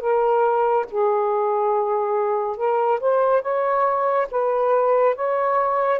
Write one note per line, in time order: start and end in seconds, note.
0.00 0.86 A#4
0.90 2.57 G#4
2.57 3.00 A#4
3.00 3.42 C5
3.42 4.27 C#5
4.31 5.15 B4
5.15 5.99 C#5